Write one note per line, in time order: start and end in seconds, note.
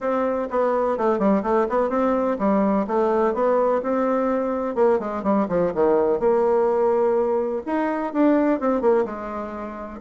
0.00 0.48 C4
0.50 0.97 B3
0.97 1.18 A3
1.18 1.42 G3
1.42 1.66 A3
1.69 1.89 B3
1.89 2.37 C4
2.39 2.86 G3
2.87 3.33 A3
3.33 3.81 B3
3.82 4.75 C4
4.75 4.99 A#3
4.99 5.23 G#3
5.23 5.47 G3
5.48 5.72 F3
5.74 6.19 D#3
6.19 7.62 A#3
7.66 8.13 D#4
8.13 8.60 D4
8.60 8.81 C4
8.81 9.05 A#3
9.05 10.00 G#3